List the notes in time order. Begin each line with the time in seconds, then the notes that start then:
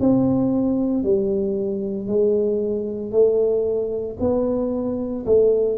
0.00 C4
1.04 G3
2.08 G#3
3.12 A3
4.20 B3
5.26 A3